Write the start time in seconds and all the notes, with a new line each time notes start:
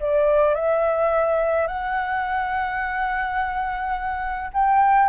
0.00 D5
0.55 E5
1.68 F#5
4.54 G5